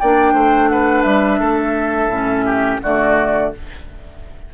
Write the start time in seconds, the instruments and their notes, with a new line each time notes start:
0.00 bassoon A#3, clarinet D4, oboe D5, flute G5
0.34 bassoon A3, oboe C5
0.70 oboe B4, flute F#5
1.03 bassoon G3, flute E5
1.40 bassoon A3, oboe A4
2.08 bassoon A2, clarinet C#4
2.46 oboe G4
2.83 bassoon D3, clarinet A3, oboe F#4, flute D5